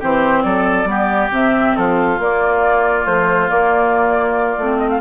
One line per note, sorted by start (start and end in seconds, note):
0.00 0.44 E3
0.00 0.87 C4
0.00 0.43 G4
0.00 0.43 C5
0.43 0.85 F#3
0.43 0.89 A4
0.43 1.30 D5
0.85 1.29 G3
0.85 1.30 B3
0.85 1.77 G4
1.32 1.75 C3
1.32 2.19 C4
1.32 1.76 E5
1.76 2.19 F3
1.76 5.01 F4
1.76 2.20 A4
2.19 3.06 A#3
2.19 3.06 D5
3.06 3.49 F3
3.06 3.49 A3
3.06 3.49 C5
3.49 4.57 A#3
3.49 4.58 A#3
3.49 4.78 D5
4.58 5.01 A3
4.58 5.01 C4
4.78 4.89 D#5
4.90 5.01 F5